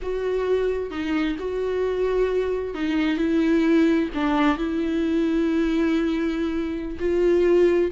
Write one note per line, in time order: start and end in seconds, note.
0.02 0.90 F#4
0.90 1.36 D#4
1.38 2.74 F#4
2.74 3.17 D#4
3.17 4.09 E4
4.14 4.57 D4
4.57 6.98 E4
6.99 7.91 F4